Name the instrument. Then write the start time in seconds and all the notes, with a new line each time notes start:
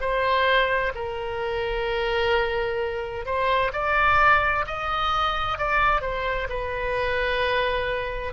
oboe
0.00 C5
0.94 A#4
3.25 C5
3.73 D5
4.67 D#5
5.58 D5
6.01 C5
6.49 B4